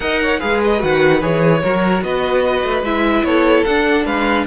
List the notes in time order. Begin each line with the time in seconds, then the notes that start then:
0.00 D#4 A#4 D#5 F#5
0.22 C#5
0.39 G#3 G#4 B4 F5
0.64 D#5
0.79 D#3 F#4 F#5
1.21 E3 G#4 C#5
1.62 F#3 F#4 A#4
2.01 B3 B4 D#5
2.63 A3
2.82 G#3 E4 E5
3.23 B3 A4 C#5
3.64 D4 F#5
4.05 G#3 B4 F5